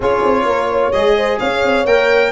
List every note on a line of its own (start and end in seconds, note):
0.00 0.22 C#4
0.00 0.93 F4
0.00 0.46 G#4
0.00 0.92 C#5
0.23 0.45 C4
0.45 0.91 A#3
0.45 0.69 A#4
0.69 1.15 C#5
0.92 1.40 G#3
0.92 1.86 G#4
0.92 1.38 D#5
1.16 1.39 C5
1.39 1.63 C#4
1.39 2.31 C#5
1.39 1.85 F5
1.63 1.85 C4
1.85 2.31 A#3
1.85 2.31 A#4
1.85 2.31 G5